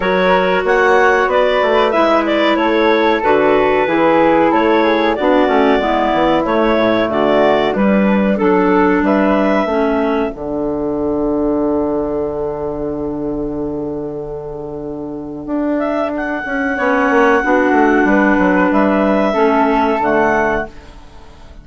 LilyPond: <<
  \new Staff \with { instrumentName = "clarinet" } { \time 4/4 \tempo 4 = 93 cis''4 fis''4 d''4 e''8 d''8 | cis''4 b'2 cis''4 | d''2 cis''4 d''4 | b'4 a'4 e''2 |
fis''1~ | fis''1~ | fis''8 e''8 fis''2.~ | fis''4 e''2 fis''4 | }
  \new Staff \with { instrumentName = "flute" } { \time 4/4 ais'4 cis''4 b'2 | a'2 gis'4 a'8 gis'8 | fis'4 e'2 fis'4 | d'4 a'4 b'4 a'4~ |
a'1~ | a'1~ | a'2 cis''4 fis'4 | b'2 a'2 | }
  \new Staff \with { instrumentName = "clarinet" } { \time 4/4 fis'2. e'4~ | e'4 fis'4 e'2 | d'8 cis'8 b4 a2 | g4 d'2 cis'4 |
d'1~ | d'1~ | d'2 cis'4 d'4~ | d'2 cis'4 a4 | }
  \new Staff \with { instrumentName = "bassoon" } { \time 4/4 fis4 ais4 b8 a8 gis4 | a4 d4 e4 a4 | b8 a8 gis8 e8 a8 a,8 d4 | g4 fis4 g4 a4 |
d1~ | d1 | d'4. cis'8 b8 ais8 b8 a8 | g8 fis8 g4 a4 d4 | }
>>